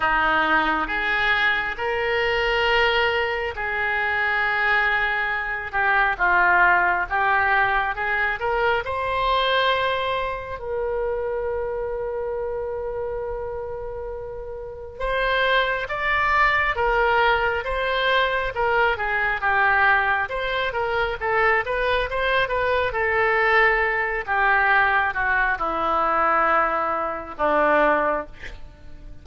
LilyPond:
\new Staff \with { instrumentName = "oboe" } { \time 4/4 \tempo 4 = 68 dis'4 gis'4 ais'2 | gis'2~ gis'8 g'8 f'4 | g'4 gis'8 ais'8 c''2 | ais'1~ |
ais'4 c''4 d''4 ais'4 | c''4 ais'8 gis'8 g'4 c''8 ais'8 | a'8 b'8 c''8 b'8 a'4. g'8~ | g'8 fis'8 e'2 d'4 | }